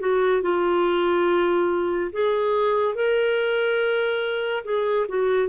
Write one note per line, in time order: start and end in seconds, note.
0.00 0.42 F#4
0.42 2.11 F4
2.12 2.95 G#4
2.95 4.64 A#4
4.64 5.07 G#4
5.09 5.49 F#4